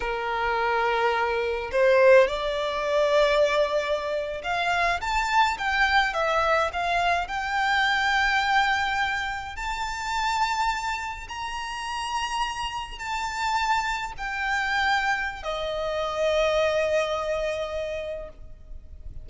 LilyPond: \new Staff \with { instrumentName = "violin" } { \time 4/4 \tempo 4 = 105 ais'2. c''4 | d''2.~ d''8. f''16~ | f''8. a''4 g''4 e''4 f''16~ | f''8. g''2.~ g''16~ |
g''8. a''2. ais''16~ | ais''2~ ais''8. a''4~ a''16~ | a''8. g''2~ g''16 dis''4~ | dis''1 | }